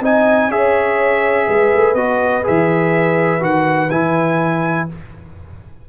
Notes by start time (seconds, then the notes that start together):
0.00 C4 D#4 D#5 G#5
0.48 C#4 G#4 C#5 E5
1.46 G#3 B4
1.75 A3
1.94 B3 F#4 D#5
2.43 E3 G#4 E5
3.40 D#3 F#4 F#5
3.90 E3 E4 G#5